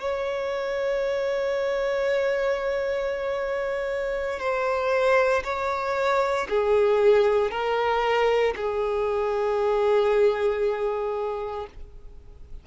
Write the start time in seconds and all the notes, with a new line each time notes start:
0.00 C#5
4.40 C5
5.44 C#5
6.49 G#4
7.51 A#4
8.56 G#4